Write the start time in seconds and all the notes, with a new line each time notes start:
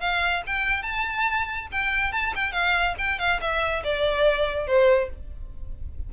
0.00 F5
0.47 G5
0.83 A5
1.72 G5
2.12 A5
2.35 G5
2.52 F5
2.98 G5
3.19 F5
3.41 E5
3.84 D5
4.67 C5